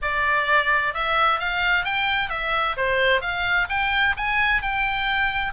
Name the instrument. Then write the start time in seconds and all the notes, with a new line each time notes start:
oboe
0.02 D5
0.93 E5
1.39 F5
1.84 G5
2.29 E5
2.77 C5
3.21 F5
3.69 G5
4.16 G#5
4.62 G5